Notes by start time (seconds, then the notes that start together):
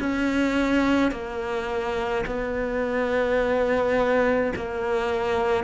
0.00 C#4
1.12 A#3
2.26 B3
4.56 A#3